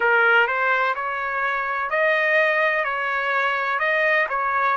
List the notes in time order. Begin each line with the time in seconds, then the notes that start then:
0.00 A#4
0.47 C5
0.95 C#5
1.90 D#5
2.84 C#5
3.79 D#5
4.29 C#5